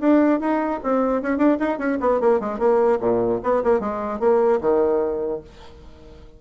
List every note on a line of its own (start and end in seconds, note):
0.00 0.40 D4
0.40 0.80 D#4
0.83 1.22 C4
1.22 1.37 C#4
1.37 1.57 D4
1.59 1.78 D#4
1.78 1.98 C#4
2.00 2.20 B3
2.20 2.40 A#3
2.40 2.59 G#3
2.59 2.99 A#3
3.00 3.40 A#2
3.43 3.63 B3
3.64 3.80 A#3
3.80 4.20 G#3
4.20 4.60 A#3
4.61 5.41 D#3